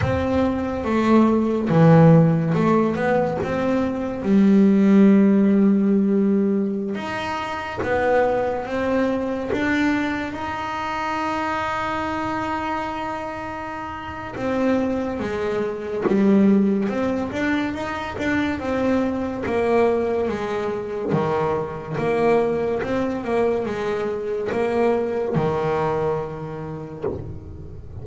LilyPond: \new Staff \with { instrumentName = "double bass" } { \time 4/4 \tempo 4 = 71 c'4 a4 e4 a8 b8 | c'4 g2.~ | g16 dis'4 b4 c'4 d'8.~ | d'16 dis'2.~ dis'8.~ |
dis'4 c'4 gis4 g4 | c'8 d'8 dis'8 d'8 c'4 ais4 | gis4 dis4 ais4 c'8 ais8 | gis4 ais4 dis2 | }